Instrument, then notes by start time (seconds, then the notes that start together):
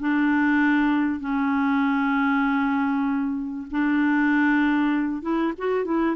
clarinet
0.00 D4
1.20 C#4
3.71 D4
5.22 E4
5.58 F#4
5.85 E4